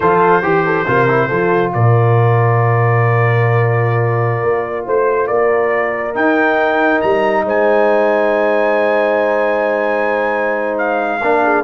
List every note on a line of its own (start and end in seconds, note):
0.00 0.42 F3
0.00 0.42 F4
0.00 0.43 A4
0.00 1.72 C5
0.42 0.85 E3
0.42 0.85 G4
0.42 0.64 G4
0.65 0.86 A4
0.87 1.30 C3
0.87 1.08 F4
0.87 1.28 A#4
1.08 1.29 E4
1.28 1.74 F3
1.28 6.14 F4
1.28 1.71 A4
1.73 4.42 A#2
1.73 4.85 A#4
1.73 4.86 D5
4.42 4.86 A#3
4.85 5.29 A3
4.85 5.28 C5
4.85 5.27 C5
5.27 6.15 A#3
5.27 7.43 A#4
5.27 6.13 D5
6.14 11.21 D#4
6.14 7.01 D#4
6.14 7.01 G5
7.01 7.43 G3
7.01 7.44 A#5
7.43 11.21 G#3
7.43 11.20 C5
7.43 10.78 G#5
10.78 11.63 F5
11.20 11.63 A#3
11.20 11.63 D4
11.20 11.42 A#4
11.43 11.63 G#4